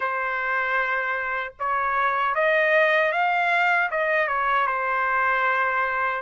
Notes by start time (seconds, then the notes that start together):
0.00 C5
1.59 C#5
2.34 D#5
3.12 F5
3.90 D#5
4.27 C#5
4.66 C5